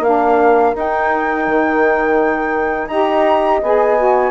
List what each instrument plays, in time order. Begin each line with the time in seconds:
0.00 bassoon A#3, saxophone D4, horn A#4, flute F5
0.74 saxophone D#4, bassoon D#4, flute G5
1.47 bassoon D#3
2.87 bassoon D#4, saxophone G4, horn D#5, flute A#5
3.63 bassoon B3, saxophone G#4, flute G#5
3.98 saxophone F#4